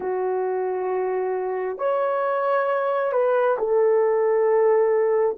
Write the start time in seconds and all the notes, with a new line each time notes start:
0.00 F#4
1.77 C#5
3.12 B4
3.58 A4